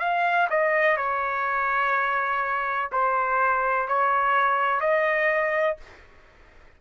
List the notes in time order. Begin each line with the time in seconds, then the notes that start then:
0.00 F5
0.50 D#5
0.97 C#5
2.93 C5
3.88 C#5
4.81 D#5